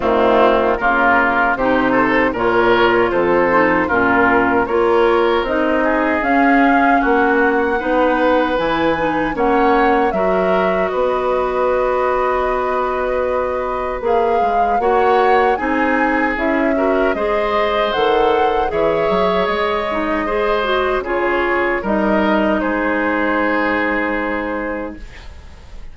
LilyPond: <<
  \new Staff \with { instrumentName = "flute" } { \time 4/4 \tempo 4 = 77 f'4 ais'4 c''4 cis''4 | c''4 ais'4 cis''4 dis''4 | f''4 fis''2 gis''4 | fis''4 e''4 dis''2~ |
dis''2 f''4 fis''4 | gis''4 e''4 dis''4 fis''4 | e''4 dis''2 cis''4 | dis''4 c''2. | }
  \new Staff \with { instrumentName = "oboe" } { \time 4/4 c'4 f'4 g'8 a'8 ais'4 | a'4 f'4 ais'4. gis'8~ | gis'4 fis'4 b'2 | cis''4 ais'4 b'2~ |
b'2. cis''4 | gis'4. ais'8 c''2 | cis''2 c''4 gis'4 | ais'4 gis'2. | }
  \new Staff \with { instrumentName = "clarinet" } { \time 4/4 a4 ais4 dis'4 f'4~ | f'8 dis'8 cis'4 f'4 dis'4 | cis'2 dis'4 e'8 dis'8 | cis'4 fis'2.~ |
fis'2 gis'4 fis'4 | dis'4 e'8 fis'8 gis'4 a'4 | gis'4. dis'8 gis'8 fis'8 f'4 | dis'1 | }
  \new Staff \with { instrumentName = "bassoon" } { \time 4/4 dis4 cis4 c4 ais,4 | f,4 ais,4 ais4 c'4 | cis'4 ais4 b4 e4 | ais4 fis4 b2~ |
b2 ais8 gis8 ais4 | c'4 cis'4 gis4 dis4 | e8 fis8 gis2 cis4 | g4 gis2. | }
>>